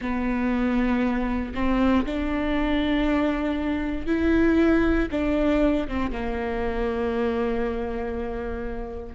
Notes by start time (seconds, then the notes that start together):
0.01 B3
1.54 C4
2.05 D4
4.06 E4
5.11 D4
5.88 C4
6.11 A#3